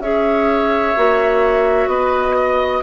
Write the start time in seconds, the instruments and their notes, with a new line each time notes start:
0.00 bassoon C#4, clarinet G#4, oboe C#5, flute E5
0.96 bassoon A#3, clarinet F#4
1.87 bassoon B3, oboe B4, flute D#5
2.36 oboe D#5